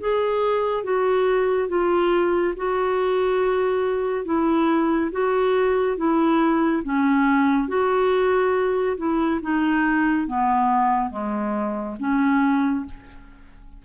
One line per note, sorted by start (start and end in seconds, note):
0.00 0.84 G#4
0.84 1.69 F#4
1.69 2.54 F4
2.57 4.25 F#4
4.25 5.11 E4
5.12 5.97 F#4
5.97 6.83 E4
6.83 7.68 C#4
7.68 8.97 F#4
8.98 9.41 E4
9.42 10.27 D#4
10.27 11.10 B3
11.10 11.96 G#3
12.00 12.85 C#4